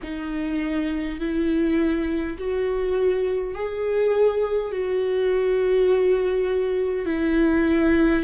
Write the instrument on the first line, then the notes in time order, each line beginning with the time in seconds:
viola
0.03 D#4
1.19 E4
2.38 F#4
3.54 G#4
4.71 F#4
7.05 E4